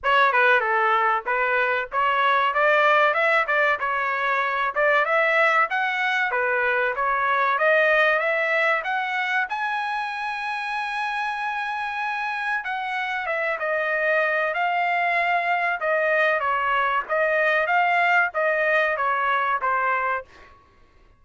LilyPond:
\new Staff \with { instrumentName = "trumpet" } { \time 4/4 \tempo 4 = 95 cis''8 b'8 a'4 b'4 cis''4 | d''4 e''8 d''8 cis''4. d''8 | e''4 fis''4 b'4 cis''4 | dis''4 e''4 fis''4 gis''4~ |
gis''1 | fis''4 e''8 dis''4. f''4~ | f''4 dis''4 cis''4 dis''4 | f''4 dis''4 cis''4 c''4 | }